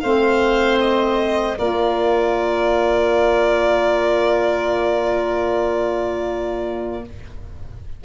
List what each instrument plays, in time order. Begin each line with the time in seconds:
0.00 tuba A3, saxophone C4, oboe C5, violin F5
0.80 violin D#5
1.58 tuba A#3, saxophone F4, oboe A#4, violin D5